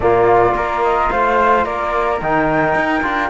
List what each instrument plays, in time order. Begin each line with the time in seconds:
0.00 cello A#2, trombone A#3, flute F4 D5
0.52 cello A#3, trombone F4, flute A#4
0.83 flute D#5
1.10 cello A3, flute C5 F5
1.64 cello A#3, flute A#4 D5
2.21 cello D#3, trombone D#4, flute G5
2.75 cello D#4
3.02 cello D4, trombone F4